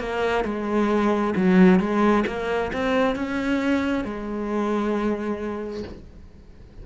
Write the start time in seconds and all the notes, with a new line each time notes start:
0.00 A#3
0.45 G#3
1.36 F#3
1.80 G#3
2.27 A#3
2.74 C4
3.16 C#4
4.05 G#3